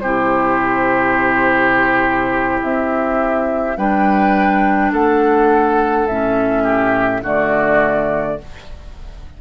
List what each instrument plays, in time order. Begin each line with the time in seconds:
0.00 bassoon C3, clarinet E4, oboe G4, flute C5
2.63 bassoon C4, flute E5
3.77 bassoon G3, clarinet D4, oboe B4, flute G5
4.92 bassoon A3, oboe A4, flute F#5
6.07 bassoon A2, clarinet C#4, flute E5
6.64 oboe G4
7.22 bassoon D3, clarinet A3, oboe F#4, flute D5